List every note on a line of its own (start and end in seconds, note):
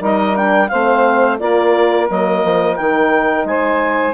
0.00 0.70 G3
0.00 0.35 D#4
0.00 0.69 A#4
0.00 0.36 D#5
0.36 0.71 D4
0.36 0.69 G5
0.69 1.40 A3
0.69 1.40 C4
0.69 1.40 C5
0.69 1.37 F5
1.39 2.09 A#3
1.39 2.08 F4
1.39 3.48 A#4
1.39 2.08 D5
2.09 2.45 F#3
2.09 2.78 A#3
2.09 2.76 D#5
2.45 2.79 F3
2.76 3.45 D#3
2.76 4.14 D#4
2.76 3.45 G5
3.45 4.14 G#3
3.45 4.14 C5
3.45 4.14 G#5